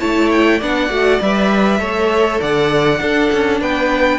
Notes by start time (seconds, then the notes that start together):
0.00 A3 E4 C#5 A5
0.32 G5
0.58 B3 D4 D5 F#5
0.90 A3 F#4
1.22 G3 B4 E5
1.79 A3 A4 C#5
2.41 D3 D5 F#5
3.00 D4 A4
3.32 C#4
3.61 B3 B4 G5